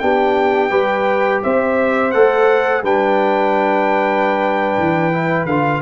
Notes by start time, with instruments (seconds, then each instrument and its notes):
0.00 tuba B3, trombone D4, horn G4, trumpet G5
0.71 tuba G3, trombone G4, horn B4
1.43 tuba C4, horn C5, trumpet E5
2.12 tuba A3, trombone A4, trumpet F#5
2.84 tuba G3, trombone D4, horn B4, trumpet G5
4.78 tuba E3
5.13 trombone E4
5.46 tuba D3, trombone F4, trumpet F5